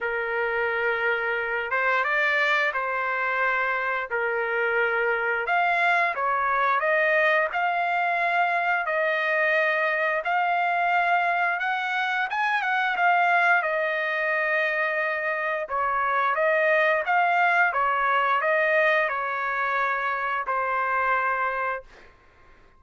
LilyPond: \new Staff \with { instrumentName = "trumpet" } { \time 4/4 \tempo 4 = 88 ais'2~ ais'8 c''8 d''4 | c''2 ais'2 | f''4 cis''4 dis''4 f''4~ | f''4 dis''2 f''4~ |
f''4 fis''4 gis''8 fis''8 f''4 | dis''2. cis''4 | dis''4 f''4 cis''4 dis''4 | cis''2 c''2 | }